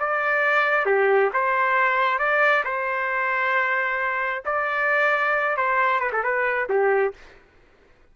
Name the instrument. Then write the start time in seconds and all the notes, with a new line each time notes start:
trumpet
0.00 D5
0.86 G4
1.34 C5
2.19 D5
2.65 C5
4.46 D5
5.57 C5
6.00 B4
6.13 A4
6.24 B4
6.69 G4